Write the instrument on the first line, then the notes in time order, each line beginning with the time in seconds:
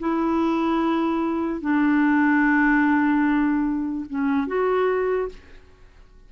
clarinet
0.00 E4
1.61 D4
4.10 C#4
4.47 F#4